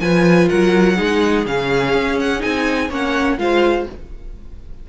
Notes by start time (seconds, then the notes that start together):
0.00 F3 F4 B4 G#5
0.49 F#3 A#4 F#5
0.96 G#3 D#4 G#4
1.46 C#3 C#4 F5
1.94 C#4
2.20 F#5
2.39 C4 D#4 G#5
2.89 A#3 C#4 C#5 F#5
3.38 G#3 F4 C5 F5